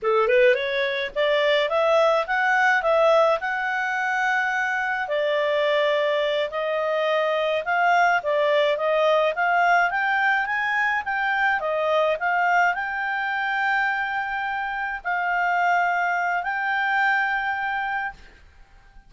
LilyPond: \new Staff \with { instrumentName = "clarinet" } { \time 4/4 \tempo 4 = 106 a'8 b'8 cis''4 d''4 e''4 | fis''4 e''4 fis''2~ | fis''4 d''2~ d''8 dis''8~ | dis''4. f''4 d''4 dis''8~ |
dis''8 f''4 g''4 gis''4 g''8~ | g''8 dis''4 f''4 g''4.~ | g''2~ g''8 f''4.~ | f''4 g''2. | }